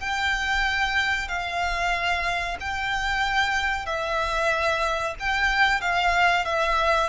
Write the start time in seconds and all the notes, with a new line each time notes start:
0.00 G5
1.28 F5
2.60 G5
3.86 E5
5.19 G5
5.81 F5
6.45 E5